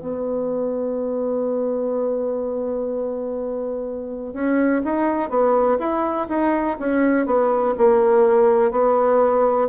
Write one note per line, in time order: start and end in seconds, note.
0.00 4.33 B3
4.33 4.82 C#4
4.84 5.30 D#4
5.30 5.78 B3
5.79 6.27 E4
6.29 6.77 D#4
6.79 7.26 C#4
7.26 7.74 B3
7.77 8.71 A#3
8.71 9.68 B3